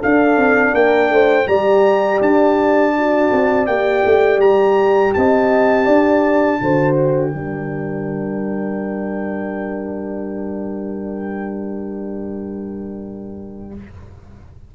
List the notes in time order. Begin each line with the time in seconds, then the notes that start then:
0.00 D4 A4 F5
0.37 C4
0.74 A#3 A#4 G5
1.10 A3 C5
1.47 G3 G4 D5 A#5
2.21 D4 A5
2.98 F#4
3.32 C4
3.66 A#3 G4 G5
4.05 A3
4.38 G3 A#5
5.14 C4 D#5 A5
5.86 D4 D5
6.61 D3 F#4 C5
6.95 G5
7.31 G3 D4 A#4